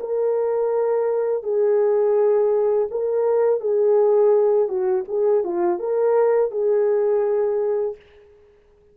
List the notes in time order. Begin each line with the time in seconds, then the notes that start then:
0.00 A#4
1.43 G#4
2.90 A#4
3.60 G#4
4.68 F#4
5.08 G#4
5.44 F4
5.79 A#4
6.51 G#4